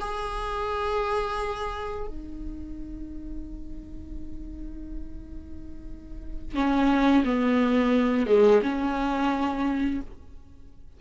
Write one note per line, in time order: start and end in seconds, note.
0.00 2.07 G#4
2.07 6.55 D#4
6.55 7.24 C#4
7.24 8.26 B3
8.26 8.61 G#3
8.62 10.00 C#4